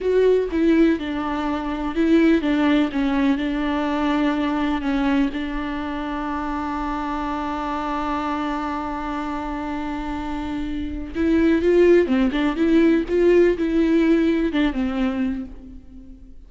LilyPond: \new Staff \with { instrumentName = "viola" } { \time 4/4 \tempo 4 = 124 fis'4 e'4 d'2 | e'4 d'4 cis'4 d'4~ | d'2 cis'4 d'4~ | d'1~ |
d'1~ | d'2. e'4 | f'4 c'8 d'8 e'4 f'4 | e'2 d'8 c'4. | }